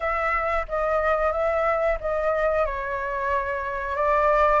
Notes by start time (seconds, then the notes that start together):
0.00 E5
0.68 D#5
1.32 E5
2.00 D#5
2.65 C#5
3.96 D5